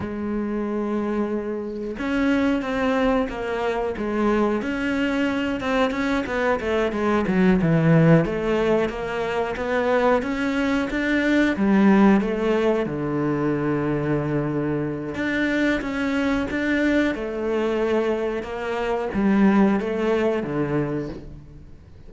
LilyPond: \new Staff \with { instrumentName = "cello" } { \time 4/4 \tempo 4 = 91 gis2. cis'4 | c'4 ais4 gis4 cis'4~ | cis'8 c'8 cis'8 b8 a8 gis8 fis8 e8~ | e8 a4 ais4 b4 cis'8~ |
cis'8 d'4 g4 a4 d8~ | d2. d'4 | cis'4 d'4 a2 | ais4 g4 a4 d4 | }